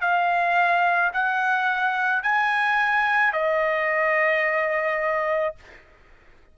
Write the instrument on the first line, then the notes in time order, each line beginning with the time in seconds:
trumpet
0.00 F5
1.13 F#5
2.22 G#5
3.32 D#5